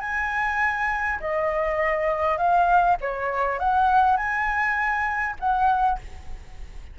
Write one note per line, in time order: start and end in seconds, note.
0.00 1.19 G#5
1.20 2.37 D#5
2.37 2.96 F5
3.00 3.59 C#5
3.59 4.16 F#5
4.16 5.35 G#5
5.39 5.99 F#5